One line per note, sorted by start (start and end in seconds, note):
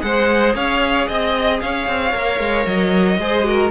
0.00 0.55 G#3
0.00 2.11 G#4
0.00 0.56 C5
0.00 0.54 F#5
0.55 1.07 C#4
0.55 1.07 C#5
0.55 1.08 F5
1.07 1.62 C4
1.07 1.60 D#5
1.60 1.87 C#4
1.60 3.20 C#5
1.60 2.66 F5
1.87 2.13 C4
2.13 2.39 A#3
2.13 3.18 A#4
2.39 2.65 G#3
2.66 3.18 F#3
2.66 3.71 D#5
3.18 3.71 G#3
3.18 3.43 G#4
3.18 3.47 C5
3.43 3.69 F#4
3.43 3.71 A#4